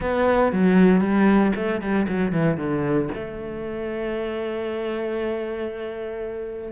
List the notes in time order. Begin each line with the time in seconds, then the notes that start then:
0.00 B3
0.52 F#3
1.00 G3
1.55 A3
1.81 G3
2.08 F#3
2.32 E3
2.57 D3
3.14 A3